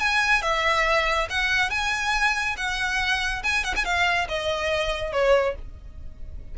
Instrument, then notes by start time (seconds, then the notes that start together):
violin
0.00 G#5
0.42 E5
1.30 F#5
1.70 G#5
2.57 F#5
3.43 G#5
3.64 F#5
3.76 G#5
3.85 F5
4.28 D#5
5.13 C#5